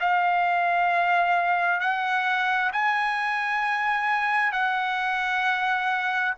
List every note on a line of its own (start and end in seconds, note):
0.00 1.80 F5
1.80 2.71 F#5
2.72 4.52 G#5
4.52 6.34 F#5